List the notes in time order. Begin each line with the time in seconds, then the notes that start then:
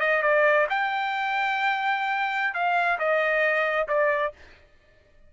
0.00 D#5
0.22 D5
0.69 G5
2.54 F5
2.99 D#5
3.88 D5